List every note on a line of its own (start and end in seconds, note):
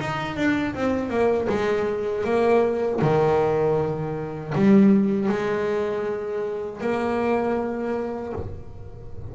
0.00 0.36 D#4
0.36 0.74 D4
0.75 1.09 C4
1.09 1.47 A#3
1.49 2.24 G#3
2.24 3.00 A#3
3.02 4.54 D#3
4.55 5.29 G3
5.29 6.81 G#3
6.81 8.33 A#3